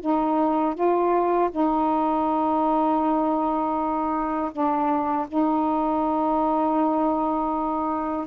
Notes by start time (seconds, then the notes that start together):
0.00 D#4
0.74 F4
1.51 D#4
4.52 D4
5.28 D#4